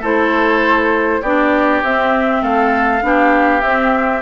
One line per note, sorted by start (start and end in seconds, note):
0.00 1.20 A3
0.00 1.23 E4
0.00 1.20 A4
0.00 1.22 C5
1.22 1.82 B3
1.22 1.85 D4
1.22 2.42 G4
1.22 1.81 D5
1.82 2.42 C4
1.82 3.02 C4
1.82 2.43 E5
2.42 3.02 A3
2.42 3.02 A4
2.42 3.61 F5
3.02 3.62 B3
3.02 3.62 D4
3.02 4.22 G4
3.61 4.22 C4
3.61 4.21 E5